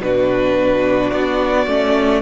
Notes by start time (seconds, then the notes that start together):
0.00 B2 D4 F#4 B4
1.11 B3 D5
1.67 A3 C#4